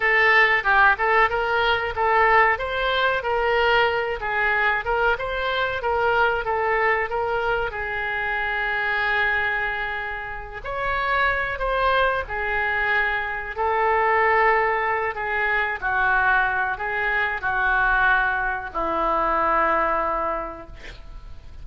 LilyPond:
\new Staff \with { instrumentName = "oboe" } { \time 4/4 \tempo 4 = 93 a'4 g'8 a'8 ais'4 a'4 | c''4 ais'4. gis'4 ais'8 | c''4 ais'4 a'4 ais'4 | gis'1~ |
gis'8 cis''4. c''4 gis'4~ | gis'4 a'2~ a'8 gis'8~ | gis'8 fis'4. gis'4 fis'4~ | fis'4 e'2. | }